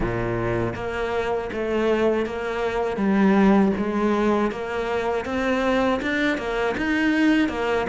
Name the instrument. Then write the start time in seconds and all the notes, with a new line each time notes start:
cello
0.00 A#2
0.75 A#3
1.52 A3
2.26 A#3
2.97 G3
3.77 G#3
4.51 A#3
5.25 C4
6.01 D4
6.38 A#3
6.77 D#4
7.48 A#3